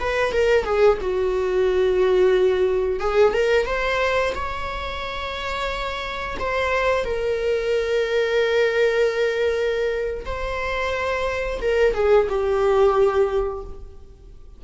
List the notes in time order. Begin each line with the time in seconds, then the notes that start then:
0.00 B4
0.32 A#4
0.65 G#4
1.01 F#4
3.00 G#4
3.33 A#4
3.66 C5
4.35 C#5
6.40 C5
7.05 A#4
10.26 C5
11.62 A#4
11.94 G#4
12.29 G4